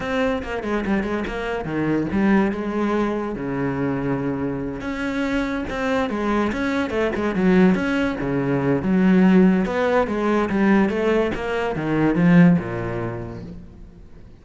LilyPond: \new Staff \with { instrumentName = "cello" } { \time 4/4 \tempo 4 = 143 c'4 ais8 gis8 g8 gis8 ais4 | dis4 g4 gis2 | cis2.~ cis8 cis'8~ | cis'4. c'4 gis4 cis'8~ |
cis'8 a8 gis8 fis4 cis'4 cis8~ | cis4 fis2 b4 | gis4 g4 a4 ais4 | dis4 f4 ais,2 | }